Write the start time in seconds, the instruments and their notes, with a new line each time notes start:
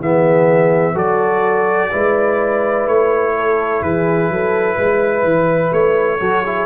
0.00 tuba E3, trombone B3, horn G#4, trumpet E5
0.94 tuba F#3, trombone F#4, horn A4, trumpet D5
1.91 tuba G#3, trombone E4, horn B4
2.87 tuba A3, trumpet C#5
3.37 horn A4
3.82 tuba E3, horn G#4, trumpet B4
4.30 tuba F#3, horn A4
4.76 tuba G#3, horn B4
5.24 tuba E3
5.73 tuba A3, trumpet C#5
6.20 tuba F#3, trombone F#4, horn A4
6.44 trombone E4, horn G#4